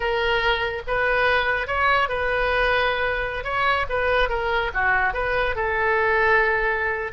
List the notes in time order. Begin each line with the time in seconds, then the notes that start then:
0.00 A#4
0.87 B4
1.67 C#5
2.08 B4
3.44 C#5
3.89 B4
4.29 A#4
4.74 F#4
5.13 B4
5.55 A4